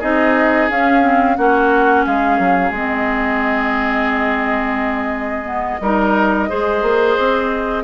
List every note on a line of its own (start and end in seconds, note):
0.00 0.70 C4
0.00 0.70 D#4
0.00 1.36 G#4
0.00 0.70 D#5
0.70 1.38 C#4
0.70 1.03 C#4
0.70 1.37 F5
1.03 1.37 C4
1.37 2.06 A#3
1.37 2.75 C#4
1.37 2.06 F#4
1.37 2.05 F#5
2.06 2.39 G#3
2.06 5.82 G#4
2.06 2.74 F5
2.39 2.71 F#3
2.71 5.78 G#3
2.71 5.45 C4
2.71 7.84 D#5
5.45 5.79 B3
5.81 6.49 G3
5.81 6.49 D#4
5.81 6.50 A#4
6.49 6.83 G#3
6.49 7.84 G#4
6.49 7.84 C5
6.83 7.17 A#3
7.19 7.84 C4